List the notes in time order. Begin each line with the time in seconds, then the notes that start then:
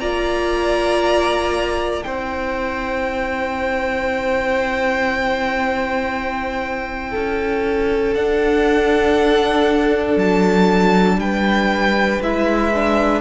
0.00 A#3 F4 D5 A#5
2.01 C4 E4 C5 G5
7.10 C#4 A4
8.15 D4 F#5
10.17 F#3 A5
11.18 G3 B4 G5
12.21 G#3 E4 E5
12.75 D4